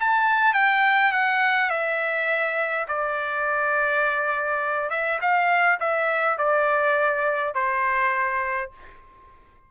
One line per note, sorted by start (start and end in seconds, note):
0.00 0.54 A5
0.54 1.12 G5
1.12 1.70 F#5
1.70 2.86 E5
2.88 4.90 D5
4.90 5.20 E5
5.21 5.79 F5
5.80 6.38 E5
6.38 7.54 D5
7.54 8.71 C5